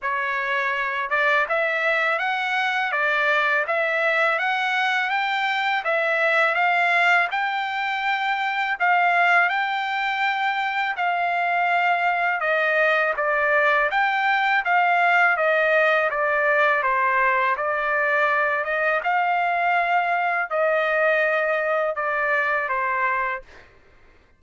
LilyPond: \new Staff \with { instrumentName = "trumpet" } { \time 4/4 \tempo 4 = 82 cis''4. d''8 e''4 fis''4 | d''4 e''4 fis''4 g''4 | e''4 f''4 g''2 | f''4 g''2 f''4~ |
f''4 dis''4 d''4 g''4 | f''4 dis''4 d''4 c''4 | d''4. dis''8 f''2 | dis''2 d''4 c''4 | }